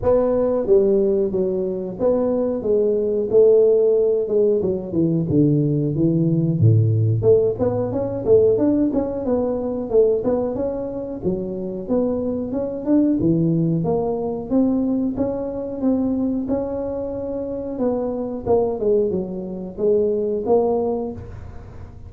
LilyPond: \new Staff \with { instrumentName = "tuba" } { \time 4/4 \tempo 4 = 91 b4 g4 fis4 b4 | gis4 a4. gis8 fis8 e8 | d4 e4 a,4 a8 b8 | cis'8 a8 d'8 cis'8 b4 a8 b8 |
cis'4 fis4 b4 cis'8 d'8 | e4 ais4 c'4 cis'4 | c'4 cis'2 b4 | ais8 gis8 fis4 gis4 ais4 | }